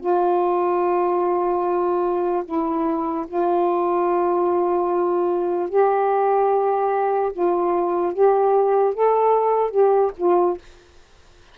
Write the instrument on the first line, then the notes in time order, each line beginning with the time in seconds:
saxophone
0.00 F4
2.45 E4
3.27 F4
5.69 G4
7.33 F4
8.13 G4
8.94 A4
9.71 G4
10.17 F4